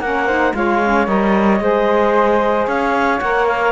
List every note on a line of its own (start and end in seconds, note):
0.00 0.53 A#3
0.00 0.29 C#4
0.00 0.27 A#4
0.00 0.54 F#5
0.27 0.55 D#4
0.27 0.53 C5
0.54 1.07 G#3
0.54 0.82 F4
0.54 1.63 C#5
0.54 1.07 F5
0.83 1.07 C#4
1.07 1.60 G3
1.07 1.60 A#4
1.07 2.66 D#5
1.60 2.66 G#3
1.60 3.19 G#4
1.60 2.67 C5
2.67 3.20 C#4
2.67 3.72 C#5
2.67 3.20 F5
3.20 3.72 A#3
3.20 3.72 A#4
3.20 3.47 F#5
3.48 3.72 F5